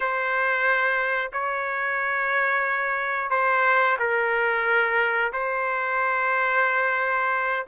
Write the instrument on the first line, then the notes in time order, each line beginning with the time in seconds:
trumpet
0.00 C5
1.32 C#5
3.30 C5
3.99 A#4
5.32 C5